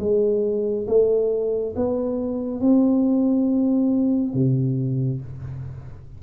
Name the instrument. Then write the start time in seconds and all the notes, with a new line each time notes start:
tuba
0.00 G#3
0.88 A3
1.76 B3
2.61 C4
4.34 C3